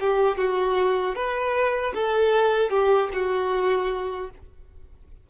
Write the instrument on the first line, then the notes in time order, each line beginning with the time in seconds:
violin
0.00 G4
0.38 F#4
1.15 B4
1.95 A4
2.70 G4
3.13 F#4